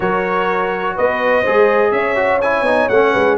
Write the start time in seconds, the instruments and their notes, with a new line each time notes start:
0.00 tuba F#3, trombone F#4, horn A#4, trumpet C#5
0.95 tuba B3, horn B4, trumpet D#5
1.41 tuba G#3, trombone G#4, horn C5
1.91 tuba C#4, horn C#5, trumpet E5
2.15 trombone F#4
2.41 trombone E4, trumpet G#5
2.62 tuba B3, trombone D#4
2.88 tuba A3, trombone C#4, trumpet F#5
3.11 tuba G#3, horn B4